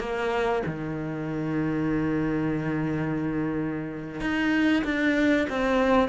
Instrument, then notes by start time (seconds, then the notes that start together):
cello
0.00 A#3
0.66 D#3
4.21 D#4
4.84 D4
5.50 C4